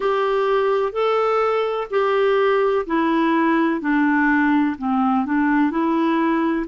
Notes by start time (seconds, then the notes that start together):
0.00 G4
0.92 A4
1.90 G4
2.86 E4
3.81 D4
4.77 C4
5.25 D4
5.71 E4